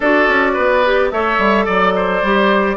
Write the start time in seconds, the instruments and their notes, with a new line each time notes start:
0.00 bassoon D4, clarinet F#4, oboe A4, flute D5
0.28 bassoon C#4
0.53 bassoon B3, oboe B4
0.85 clarinet G4
1.10 bassoon A3, clarinet A4, oboe C#5, flute E5
1.38 bassoon G3
1.65 bassoon F#3, oboe D5, flute D5
1.95 oboe C5
2.22 bassoon G3, clarinet G4